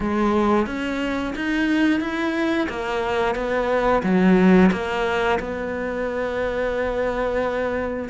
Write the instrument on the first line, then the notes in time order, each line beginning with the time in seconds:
cello
0.00 G#3
0.66 C#4
1.35 D#4
2.00 E4
2.69 A#3
3.35 B3
4.03 F#3
4.72 A#3
5.39 B3